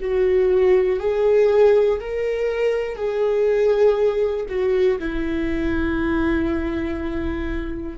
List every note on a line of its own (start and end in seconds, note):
0.00 1.00 F#4
1.00 2.00 G#4
2.00 2.96 A#4
2.96 4.46 G#4
4.49 4.99 F#4
4.99 7.98 E4